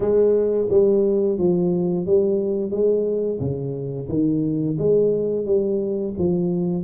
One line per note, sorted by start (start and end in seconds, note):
0.00 0.68 G#3
0.69 1.38 G3
1.38 2.06 F3
2.06 2.71 G3
2.71 3.39 G#3
3.39 4.08 C#3
4.08 4.77 D#3
4.78 5.45 G#3
5.45 6.13 G3
6.18 6.84 F3